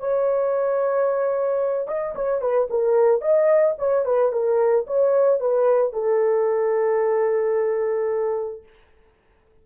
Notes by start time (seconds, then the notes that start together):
0.00 C#5
1.88 D#5
2.15 C#5
2.42 B4
2.70 A#4
3.22 D#5
3.79 C#5
4.06 B4
4.32 A#4
4.87 C#5
5.40 B4
5.93 A4